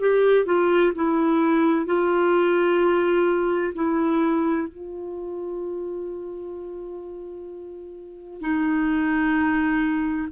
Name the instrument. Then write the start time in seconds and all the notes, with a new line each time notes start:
clarinet
0.00 G4
0.46 F4
0.95 E4
1.86 F4
3.75 E4
4.69 F4
8.41 D#4